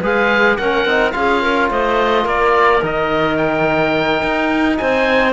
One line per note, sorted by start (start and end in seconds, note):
0.00 0.58 G#3
0.00 0.59 G#4
0.00 0.56 B4
0.00 0.57 F5
0.57 0.84 A#3
0.57 0.87 C#4
0.57 1.13 A#4
0.57 1.11 F#5
0.84 1.12 C4
0.84 1.12 D#4
1.11 1.70 C#4
1.11 2.80 F4
1.11 1.41 G#4
1.11 1.68 F5
1.41 1.69 A#4
1.70 2.25 A3
1.70 2.23 C5
1.70 2.27 D#5
2.23 2.81 A#3
2.23 4.75 A#4
2.23 2.83 D5
2.82 4.22 D#3
2.82 5.32 D#4
2.82 3.37 D#5
3.37 4.77 G5
4.22 4.78 D#4
4.77 5.32 C4
4.77 5.32 C5
4.77 5.32 G#5